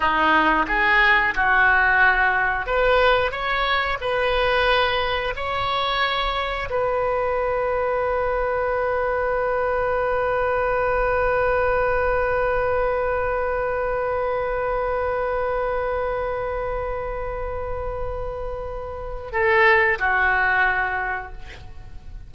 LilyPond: \new Staff \with { instrumentName = "oboe" } { \time 4/4 \tempo 4 = 90 dis'4 gis'4 fis'2 | b'4 cis''4 b'2 | cis''2 b'2~ | b'1~ |
b'1~ | b'1~ | b'1~ | b'4 a'4 fis'2 | }